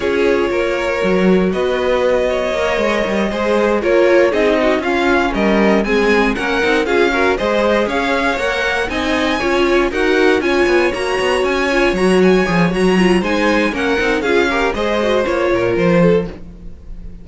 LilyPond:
<<
  \new Staff \with { instrumentName = "violin" } { \time 4/4 \tempo 4 = 118 cis''2. dis''4~ | dis''2.~ dis''8 cis''8~ | cis''8 dis''4 f''4 dis''4 gis''8~ | gis''8 fis''4 f''4 dis''4 f''8~ |
f''8 fis''4 gis''2 fis''8~ | fis''8 gis''4 ais''4 gis''4 ais''8 | gis''4 ais''4 gis''4 fis''4 | f''4 dis''4 cis''4 c''4 | }
  \new Staff \with { instrumentName = "violin" } { \time 4/4 gis'4 ais'2 b'4~ | b'8 cis''2 c''4 ais'8~ | ais'8 gis'8 fis'8 f'4 ais'4 gis'8~ | gis'8 ais'4 gis'8 ais'8 c''4 cis''8~ |
cis''4. dis''4 cis''4 ais'8~ | ais'8 cis''2.~ cis''8~ | cis''2 c''4 ais'4 | gis'8 ais'8 c''4. ais'4 a'8 | }
  \new Staff \with { instrumentName = "viola" } { \time 4/4 f'2 fis'2~ | fis'4 ais'4. gis'4 f'8~ | f'8 dis'4 cis'2 c'8~ | c'8 cis'8 dis'8 f'8 fis'8 gis'4.~ |
gis'8 ais'4 dis'4 f'4 fis'8~ | fis'8 f'4 fis'4. f'8 fis'8~ | fis'8 gis'8 fis'8 f'8 dis'4 cis'8 dis'8 | f'8 g'8 gis'8 fis'8 f'2 | }
  \new Staff \with { instrumentName = "cello" } { \time 4/4 cis'4 ais4 fis4 b4~ | b4 ais8 gis8 g8 gis4 ais8~ | ais8 c'4 cis'4 g4 gis8~ | gis8 ais8 c'8 cis'4 gis4 cis'8~ |
cis'8 ais4 c'4 cis'4 dis'8~ | dis'8 cis'8 b8 ais8 b8 cis'4 fis8~ | fis8 f8 fis4 gis4 ais8 c'8 | cis'4 gis4 ais8 ais,8 f4 | }
>>